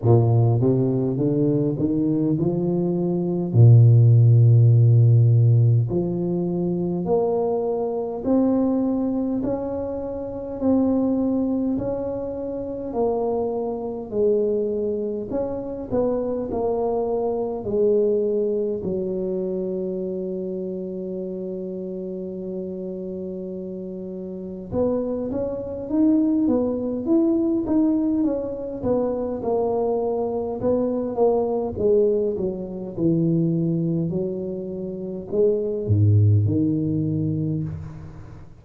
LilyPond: \new Staff \with { instrumentName = "tuba" } { \time 4/4 \tempo 4 = 51 ais,8 c8 d8 dis8 f4 ais,4~ | ais,4 f4 ais4 c'4 | cis'4 c'4 cis'4 ais4 | gis4 cis'8 b8 ais4 gis4 |
fis1~ | fis4 b8 cis'8 dis'8 b8 e'8 dis'8 | cis'8 b8 ais4 b8 ais8 gis8 fis8 | e4 fis4 gis8 gis,8 dis4 | }